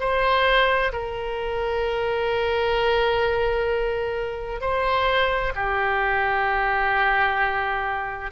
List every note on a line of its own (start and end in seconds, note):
0.00 0.92 C5
0.93 4.61 A#4
4.61 5.53 C5
5.55 8.32 G4